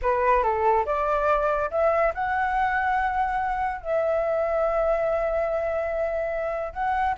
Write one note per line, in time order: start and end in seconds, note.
0.01 0.43 B4
0.43 0.85 A4
0.85 1.70 D5
1.71 2.13 E5
2.14 3.81 F#5
3.81 6.73 E5
6.73 7.15 F#5